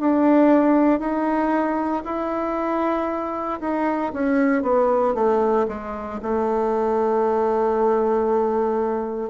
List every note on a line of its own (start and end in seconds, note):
0.00 1.00 D4
1.00 2.03 D#4
2.05 3.60 E4
3.61 4.12 D#4
4.13 4.63 C#4
4.63 5.14 B3
5.14 5.66 A3
5.68 6.20 G#3
6.23 9.30 A3